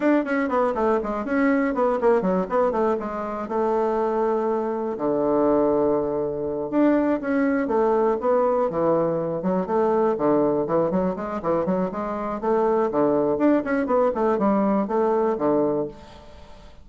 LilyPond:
\new Staff \with { instrumentName = "bassoon" } { \time 4/4 \tempo 4 = 121 d'8 cis'8 b8 a8 gis8 cis'4 b8 | ais8 fis8 b8 a8 gis4 a4~ | a2 d2~ | d4. d'4 cis'4 a8~ |
a8 b4 e4. fis8 a8~ | a8 d4 e8 fis8 gis8 e8 fis8 | gis4 a4 d4 d'8 cis'8 | b8 a8 g4 a4 d4 | }